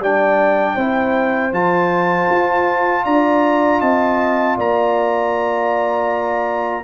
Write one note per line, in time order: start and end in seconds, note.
0.00 0.76 G3
0.00 0.79 D4
0.00 0.76 D5
0.00 1.54 G5
0.76 1.52 C4
0.76 1.52 E4
0.76 3.04 C5
1.52 2.28 F3
1.52 6.84 F4
1.52 3.05 A5
2.31 3.06 F4
3.05 3.82 D4
3.05 3.81 D5
3.05 3.81 A#5
3.81 4.58 C4
3.81 4.57 D#5
3.81 4.57 A5
4.57 6.85 A#3
4.57 6.85 D5
4.57 6.85 A#5